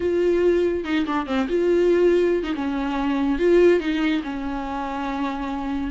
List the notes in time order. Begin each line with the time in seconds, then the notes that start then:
0.00 F4
0.84 D#4
1.06 D4
1.26 C4
1.48 F4
2.43 D#4
2.54 C#4
3.38 F4
3.80 D#4
4.23 C#4